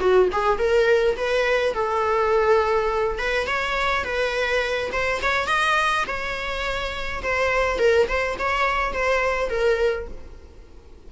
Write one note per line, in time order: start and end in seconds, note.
0.00 0.29 F#4
0.32 0.58 G#4
0.58 1.16 A#4
1.17 1.74 B4
1.74 3.18 A4
3.18 3.47 B4
3.47 4.04 C#5
4.04 4.90 B4
4.92 5.21 C5
5.22 5.47 C#5
5.47 6.04 D#5
6.07 7.22 C#5
7.23 7.79 C5
7.79 8.07 A#4
8.08 8.37 C5
8.39 8.93 C#5
8.93 9.50 C5
9.50 10.07 A#4